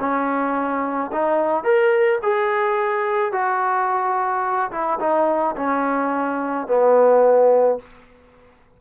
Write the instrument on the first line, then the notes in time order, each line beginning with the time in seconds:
trombone
0.00 C#4
1.12 D#4
1.64 A#4
2.23 G#4
3.32 F#4
4.71 E4
5.00 D#4
5.56 C#4
6.68 B3